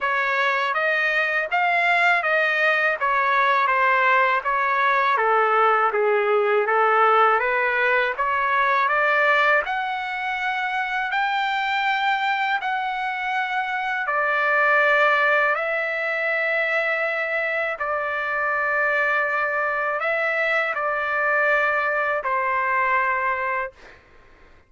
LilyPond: \new Staff \with { instrumentName = "trumpet" } { \time 4/4 \tempo 4 = 81 cis''4 dis''4 f''4 dis''4 | cis''4 c''4 cis''4 a'4 | gis'4 a'4 b'4 cis''4 | d''4 fis''2 g''4~ |
g''4 fis''2 d''4~ | d''4 e''2. | d''2. e''4 | d''2 c''2 | }